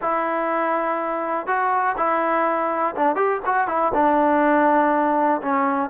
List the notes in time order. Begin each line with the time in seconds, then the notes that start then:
0.01 E4
1.46 F#4
1.97 E4
2.95 D4
3.15 G4
3.45 F#4
3.67 E4
3.93 D4
5.42 C#4